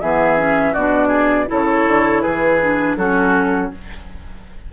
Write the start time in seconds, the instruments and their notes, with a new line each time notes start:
0.00 bassoon E3, clarinet B3, oboe G#4, flute E5
0.37 clarinet C#4
0.73 bassoon B2, clarinet D4, oboe F#4, flute D5
1.08 oboe G#4
1.47 bassoon C#3, clarinet E4, oboe A4, flute C#5
1.87 bassoon D3
2.22 bassoon E3, oboe G#4, flute B4
2.62 clarinet D4
2.96 bassoon F#3, clarinet C#4, oboe F#4, flute A4